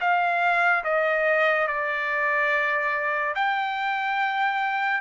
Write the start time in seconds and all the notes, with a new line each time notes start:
0.00 F5
0.84 D#5
1.67 D5
3.35 G5